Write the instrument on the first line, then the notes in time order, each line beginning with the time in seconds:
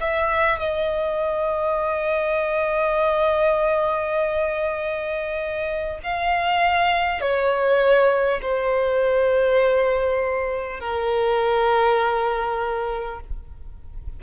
violin
0.00 E5
0.59 D#5
6.03 F5
7.21 C#5
8.41 C5
10.80 A#4